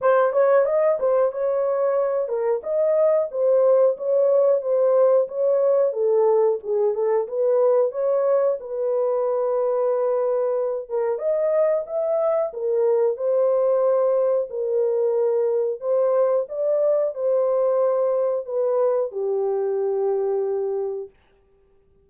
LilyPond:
\new Staff \with { instrumentName = "horn" } { \time 4/4 \tempo 4 = 91 c''8 cis''8 dis''8 c''8 cis''4. ais'8 | dis''4 c''4 cis''4 c''4 | cis''4 a'4 gis'8 a'8 b'4 | cis''4 b'2.~ |
b'8 ais'8 dis''4 e''4 ais'4 | c''2 ais'2 | c''4 d''4 c''2 | b'4 g'2. | }